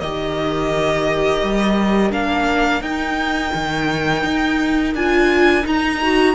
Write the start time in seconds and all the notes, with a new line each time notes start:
0.00 D#3 G4 A#4 D#5
1.43 G3
2.11 A#3 D4 F5
2.81 D#4 G5
3.54 D#3
4.24 D#4
4.94 D4 F4 G#5
5.63 D#4 A#5
6.02 F#4